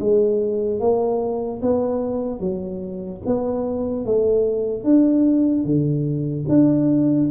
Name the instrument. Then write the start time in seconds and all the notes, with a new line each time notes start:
tuba
0.00 G#3
0.80 A#3
1.62 B3
2.40 F#3
3.26 B3
4.06 A3
4.84 D4
5.65 D3
6.49 D4